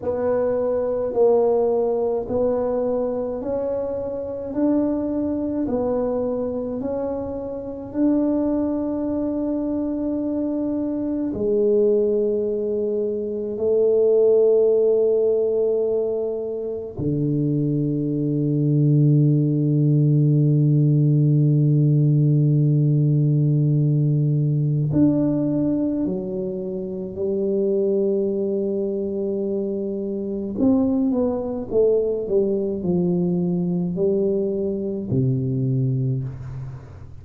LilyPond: \new Staff \with { instrumentName = "tuba" } { \time 4/4 \tempo 4 = 53 b4 ais4 b4 cis'4 | d'4 b4 cis'4 d'4~ | d'2 gis2 | a2. d4~ |
d1~ | d2 d'4 fis4 | g2. c'8 b8 | a8 g8 f4 g4 c4 | }